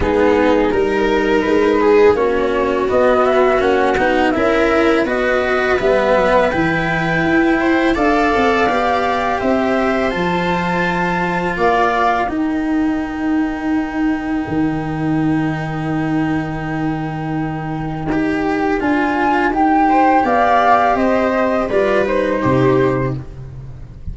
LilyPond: <<
  \new Staff \with { instrumentName = "flute" } { \time 4/4 \tempo 4 = 83 gis'4 ais'4 b'4 cis''4 | dis''8 e''8 fis''4 e''4 dis''4 | e''4 g''2 f''4~ | f''4 e''4 a''2 |
f''4 g''2.~ | g''1~ | g''2 gis''4 g''4 | f''4 dis''4 d''8 c''4. | }
  \new Staff \with { instrumentName = "viola" } { \time 4/4 dis'4 ais'4. gis'8 fis'4~ | fis'2 ais'4 b'4~ | b'2~ b'8 c''8 d''4~ | d''4 c''2. |
d''4 ais'2.~ | ais'1~ | ais'2.~ ais'8 c''8 | d''4 c''4 b'4 g'4 | }
  \new Staff \with { instrumentName = "cello" } { \time 4/4 b4 dis'2 cis'4 | b4 cis'8 dis'8 e'4 fis'4 | b4 e'2 a'4 | g'2 f'2~ |
f'4 dis'2.~ | dis'1~ | dis'4 g'4 f'4 g'4~ | g'2 f'8 dis'4. | }
  \new Staff \with { instrumentName = "tuba" } { \time 4/4 gis4 g4 gis4 ais4 | b4 ais8 b8 cis'4 b4 | g8 fis8 e4 e'4 d'8 c'8 | b4 c'4 f2 |
ais4 dis'2. | dis1~ | dis4 dis'4 d'4 dis'4 | b4 c'4 g4 c4 | }
>>